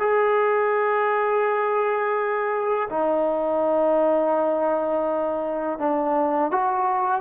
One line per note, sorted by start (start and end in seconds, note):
0.00 2.89 G#4
2.90 5.79 D#4
5.79 6.52 D4
6.52 7.22 F#4